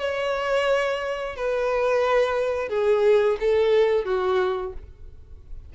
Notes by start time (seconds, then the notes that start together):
0.00 C#5
1.36 B4
2.69 G#4
3.40 A4
4.05 F#4